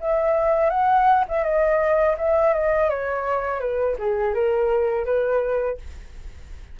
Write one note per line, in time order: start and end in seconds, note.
0.00 0.70 E5
0.70 1.24 F#5
1.28 1.44 E5
1.44 2.16 D#5
2.17 2.53 E5
2.53 2.89 D#5
2.89 3.60 C#5
3.60 3.96 B4
3.98 4.34 G#4
4.34 5.05 A#4
5.05 5.77 B4